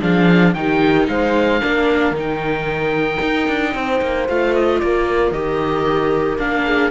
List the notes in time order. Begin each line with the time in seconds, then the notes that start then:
0.00 F3 D4 G#4 F5
0.53 D#3 D#4 G4 G5
1.08 G#3 C5 F5
1.61 A#3 D4 A#4
2.11 D#3 D#4
2.19 G5
3.22 D#4
3.48 D4
3.74 C4 C5
4.01 A#3
4.28 A3 F4 F5
4.54 D#5
4.79 A#3 A#4 D5
5.31 D#3 G4 D#5
6.38 A#3 D4 F5
6.64 G#4